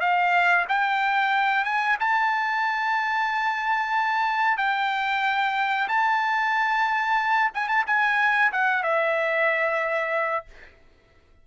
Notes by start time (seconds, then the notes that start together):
0.00 F5
0.68 G5
1.65 G#5
2.00 A5
4.57 G5
5.88 A5
7.54 G#5
7.68 A5
7.87 G#5
8.52 F#5
8.83 E5